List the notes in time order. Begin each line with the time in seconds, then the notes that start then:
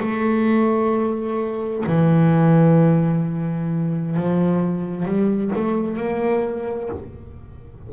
0.00 A3
1.87 E3
4.16 F3
5.05 G3
5.56 A3
5.97 A#3